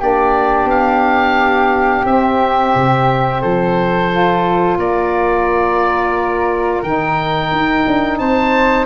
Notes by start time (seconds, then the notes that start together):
0.00 A#3 D4 G4 D5
0.65 B3 F5
2.05 C4 E5
2.75 C3
3.41 F3 A4 C5
4.12 F4
4.78 A#3 A#4 D5
6.83 D#3 D#4 G5
7.52 D#4
7.87 D4
8.19 C4 C5 A5